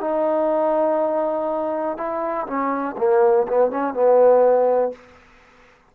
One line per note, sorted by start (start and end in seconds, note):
0.00 1.97 D#4
1.97 2.46 E4
2.46 2.96 C#4
2.97 3.46 A#3
3.48 3.71 B3
3.71 3.93 C#4
3.93 4.92 B3